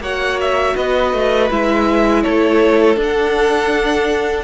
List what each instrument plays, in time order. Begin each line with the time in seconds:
0.00 cello A#3, viola F#4, violin C#5 F#5
0.40 violin E5
0.75 cello B3, violin B4 D#5
1.13 cello A3
1.50 cello G#3, viola E4, violin E5
2.22 cello A3, violin A4 C#5
2.96 viola D4, cello D4
3.03 violin F#5